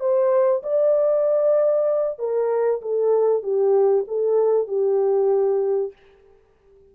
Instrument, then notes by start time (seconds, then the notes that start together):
horn
0.00 C5
0.63 D5
2.19 A#4
2.82 A4
3.43 G4
4.07 A4
4.67 G4